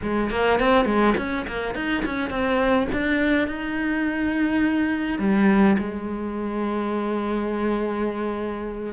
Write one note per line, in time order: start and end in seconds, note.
0.02 0.30 G#3
0.30 0.59 A#3
0.59 0.85 C4
0.85 1.14 G#3
1.17 1.46 C#4
1.47 1.74 A#3
1.74 2.03 D#4
2.05 2.30 C#4
2.30 2.87 C4
2.92 3.47 D4
3.47 5.18 D#4
5.18 5.76 G3
5.78 8.93 G#3